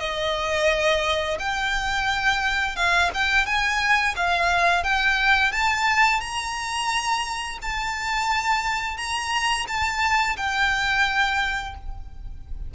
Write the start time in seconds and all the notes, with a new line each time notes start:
0.00 D#5
1.39 G5
2.76 F5
3.14 G5
3.46 G#5
4.16 F5
4.84 G5
5.52 A5
6.21 A#5
7.62 A5
8.97 A#5
9.68 A5
10.37 G5